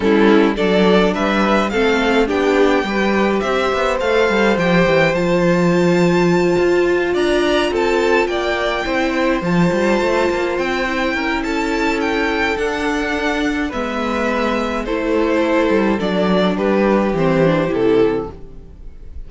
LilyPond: <<
  \new Staff \with { instrumentName = "violin" } { \time 4/4 \tempo 4 = 105 a'4 d''4 e''4 f''4 | g''2 e''4 f''4 | g''4 a''2.~ | a''8 ais''4 a''4 g''4.~ |
g''8 a''2 g''4. | a''4 g''4 fis''2 | e''2 c''2 | d''4 b'4 c''4 a'4 | }
  \new Staff \with { instrumentName = "violin" } { \time 4/4 e'4 a'4 b'4 a'4 | g'4 b'4 c''2~ | c''1~ | c''8 d''4 a'4 d''4 c''8~ |
c''2.~ c''8 ais'8 | a'1 | b'2 a'2~ | a'4 g'2. | }
  \new Staff \with { instrumentName = "viola" } { \time 4/4 cis'4 d'2 c'4 | d'4 g'2 a'4 | g'4 f'2.~ | f'2.~ f'8 e'8~ |
e'8 f'2~ f'8 e'4~ | e'2 d'2 | b2 e'2 | d'2 c'8 d'8 e'4 | }
  \new Staff \with { instrumentName = "cello" } { \time 4/4 g4 fis4 g4 a4 | b4 g4 c'8 b8 a8 g8 | f8 e8 f2~ f8 f'8~ | f'8 d'4 c'4 ais4 c'8~ |
c'8 f8 g8 a8 ais8 c'4 cis'8~ | cis'2 d'2 | gis2 a4. g8 | fis4 g4 e4 c4 | }
>>